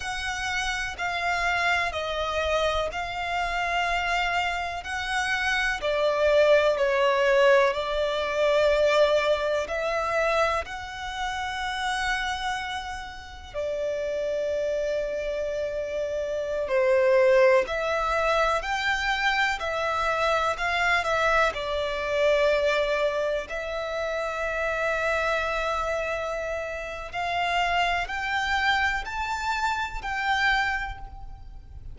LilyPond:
\new Staff \with { instrumentName = "violin" } { \time 4/4 \tempo 4 = 62 fis''4 f''4 dis''4 f''4~ | f''4 fis''4 d''4 cis''4 | d''2 e''4 fis''4~ | fis''2 d''2~ |
d''4~ d''16 c''4 e''4 g''8.~ | g''16 e''4 f''8 e''8 d''4.~ d''16~ | d''16 e''2.~ e''8. | f''4 g''4 a''4 g''4 | }